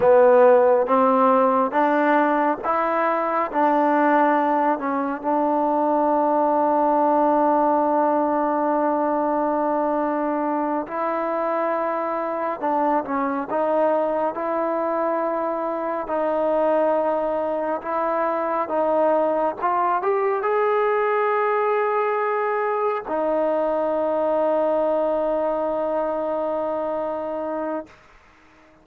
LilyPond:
\new Staff \with { instrumentName = "trombone" } { \time 4/4 \tempo 4 = 69 b4 c'4 d'4 e'4 | d'4. cis'8 d'2~ | d'1~ | d'8 e'2 d'8 cis'8 dis'8~ |
dis'8 e'2 dis'4.~ | dis'8 e'4 dis'4 f'8 g'8 gis'8~ | gis'2~ gis'8 dis'4.~ | dis'1 | }